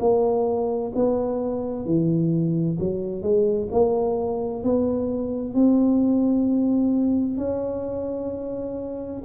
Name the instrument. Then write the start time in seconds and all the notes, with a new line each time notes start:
tuba
0.00 A#3
0.95 B3
1.85 E3
2.79 F#3
3.23 G#3
3.72 A#3
4.64 B3
5.54 C4
7.38 C#4